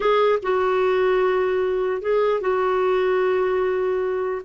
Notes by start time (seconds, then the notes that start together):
0.00 G#4
0.42 F#4
2.01 G#4
2.41 F#4